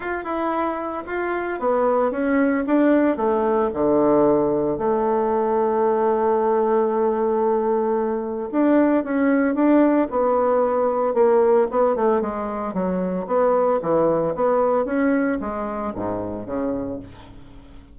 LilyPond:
\new Staff \with { instrumentName = "bassoon" } { \time 4/4 \tempo 4 = 113 f'8 e'4. f'4 b4 | cis'4 d'4 a4 d4~ | d4 a2.~ | a1 |
d'4 cis'4 d'4 b4~ | b4 ais4 b8 a8 gis4 | fis4 b4 e4 b4 | cis'4 gis4 gis,4 cis4 | }